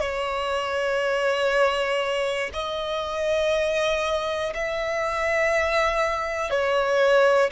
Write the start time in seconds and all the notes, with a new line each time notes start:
0.00 C#5
2.53 D#5
4.55 E5
6.51 C#5